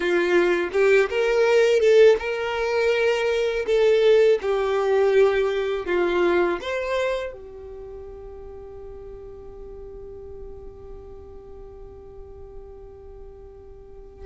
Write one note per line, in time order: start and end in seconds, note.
0.00 0.69 F4
0.72 1.09 G4
1.09 1.79 A#4
1.79 2.16 A4
2.19 3.65 A#4
3.66 4.39 A4
4.41 5.85 G4
5.85 6.59 F4
6.61 7.32 C5
7.32 14.26 G4